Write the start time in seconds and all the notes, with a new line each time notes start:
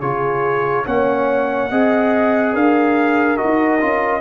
0.00 C#3 F4 G#4 C#5
0.85 A#3 C#4 C#5 F#5
1.70 C4 G#4 D#5
2.53 D4 A#4 F5
3.37 F#4 D#5
3.44 D#4
3.80 C#4 F4